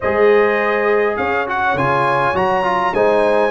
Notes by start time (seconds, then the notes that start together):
0.00 G#3 G#4 C5 D#5
1.17 C#4 C#5 F5
1.46 F#4 F#5
1.74 C#3 F4 G#5
2.33 F#3 F#4 A#5
2.63 F4
2.92 G#3 D#4 C5 G#5